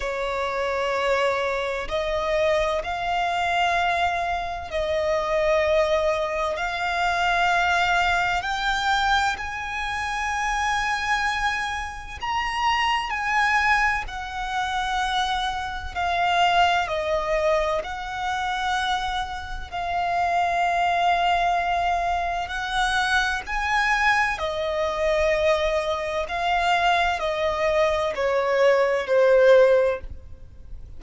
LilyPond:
\new Staff \with { instrumentName = "violin" } { \time 4/4 \tempo 4 = 64 cis''2 dis''4 f''4~ | f''4 dis''2 f''4~ | f''4 g''4 gis''2~ | gis''4 ais''4 gis''4 fis''4~ |
fis''4 f''4 dis''4 fis''4~ | fis''4 f''2. | fis''4 gis''4 dis''2 | f''4 dis''4 cis''4 c''4 | }